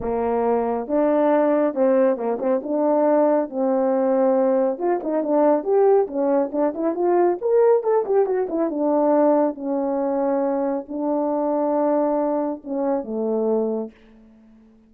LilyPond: \new Staff \with { instrumentName = "horn" } { \time 4/4 \tempo 4 = 138 ais2 d'2 | c'4 ais8 c'8 d'2 | c'2. f'8 dis'8 | d'4 g'4 cis'4 d'8 e'8 |
f'4 ais'4 a'8 g'8 fis'8 e'8 | d'2 cis'2~ | cis'4 d'2.~ | d'4 cis'4 a2 | }